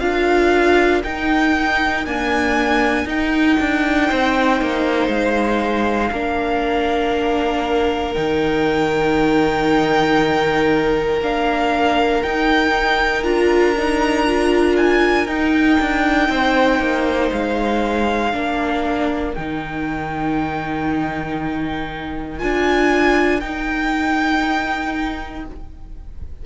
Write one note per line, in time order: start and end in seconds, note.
0.00 1.03 D4
0.00 1.03 F4
0.00 4.07 A#4
0.00 1.02 F5
1.04 2.06 D#4
1.04 2.07 D#4
1.04 2.06 G5
2.06 3.07 A#3
2.06 3.06 D4
2.06 3.08 G#5
3.06 3.56 D#4
3.06 6.12 D#4
3.06 5.09 G5
3.60 4.11 D4
4.07 4.61 C4
4.07 6.11 C5
4.61 5.09 A#3
5.09 6.10 G#3
5.09 8.14 F5
6.12 8.15 A#3
6.12 8.15 D4
6.12 16.29 A#4
8.14 11.21 D#3
8.14 11.21 D#4
8.14 11.19 G5
11.21 12.23 A#3
11.21 12.24 D4
11.21 12.23 F5
12.23 13.24 D#4
12.23 13.24 G5
13.24 15.27 D4
13.24 13.75 F4
13.24 14.76 A#5
13.77 14.27 D#4
14.27 15.28 F4
14.77 15.27 G#5
15.27 15.78 D#4
15.27 18.33 D#4
15.27 17.31 G5
15.81 16.29 D4
16.29 16.80 C4
16.29 18.34 C5
16.80 17.31 A#3
17.33 18.34 G#3
17.33 19.34 F5
18.33 19.35 A#3
18.33 19.35 D4
18.33 25.46 A#4
19.34 22.43 D#3
19.34 22.40 D#4
19.34 22.39 G5
22.39 23.43 D4
22.39 23.41 F4
22.39 23.41 G#5
23.41 25.46 D#4
23.41 25.44 G5